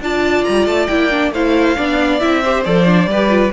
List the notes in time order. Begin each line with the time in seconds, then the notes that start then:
0.00 D4 F4 D5 A5
0.44 G3 A#5
0.65 A3 A5
0.87 A#3 E4 G5
1.10 D4
1.31 A3 E4 C5 F5
1.76 B3 D4 D5
2.19 C4 E4 E5
2.43 G4 C5
2.64 F3 A4 D5
2.86 D4
3.06 G3 G4 B4
3.28 F4